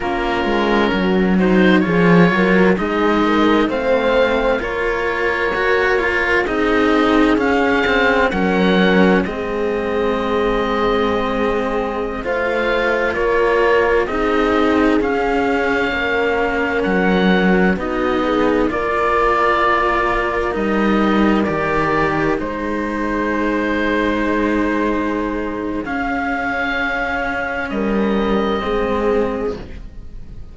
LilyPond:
<<
  \new Staff \with { instrumentName = "oboe" } { \time 4/4 \tempo 4 = 65 ais'4. c''8 cis''4 dis''4 | f''4 cis''2 dis''4 | f''4 fis''4 dis''2~ | dis''4~ dis''16 f''4 cis''4 dis''8.~ |
dis''16 f''2 fis''4 dis''8.~ | dis''16 d''2 dis''4 d''8.~ | d''16 c''2.~ c''8. | f''2 dis''2 | }
  \new Staff \with { instrumentName = "horn" } { \time 4/4 f'4 fis'4 gis'8 ais'8 gis'8 ais'8 | c''4 ais'2 gis'4~ | gis'4 ais'4 gis'2~ | gis'4~ gis'16 c''4 ais'4 gis'8.~ |
gis'4~ gis'16 ais'2 fis'8 gis'16~ | gis'16 ais'2.~ ais'8.~ | ais'16 gis'2.~ gis'8.~ | gis'2 ais'4 gis'4 | }
  \new Staff \with { instrumentName = "cello" } { \time 4/4 cis'4. dis'8 f'4 dis'4 | c'4 f'4 fis'8 f'8 dis'4 | cis'8 c'8 cis'4 c'2~ | c'4~ c'16 f'2 dis'8.~ |
dis'16 cis'2. dis'8.~ | dis'16 f'2 dis'4 g'8.~ | g'16 dis'2.~ dis'8. | cis'2. c'4 | }
  \new Staff \with { instrumentName = "cello" } { \time 4/4 ais8 gis8 fis4 f8 fis8 gis4 | a4 ais2 c'4 | cis'4 fis4 gis2~ | gis4~ gis16 a4 ais4 c'8.~ |
c'16 cis'4 ais4 fis4 b8.~ | b16 ais2 g4 dis8.~ | dis16 gis2.~ gis8. | cis'2 g4 gis4 | }
>>